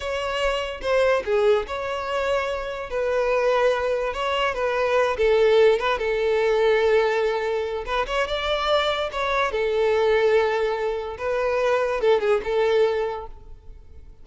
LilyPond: \new Staff \with { instrumentName = "violin" } { \time 4/4 \tempo 4 = 145 cis''2 c''4 gis'4 | cis''2. b'4~ | b'2 cis''4 b'4~ | b'8 a'4. b'8 a'4.~ |
a'2. b'8 cis''8 | d''2 cis''4 a'4~ | a'2. b'4~ | b'4 a'8 gis'8 a'2 | }